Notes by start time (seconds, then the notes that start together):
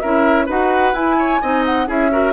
0.00 C#4 E4 A#4 E5
0.46 D#4 F#4 B4 F#5
0.94 E4 G#5
1.19 C#5
1.41 C4 D#4 D#5
1.66 F#5
1.87 C#4 E4 G#4 E5
2.11 F#4 A#4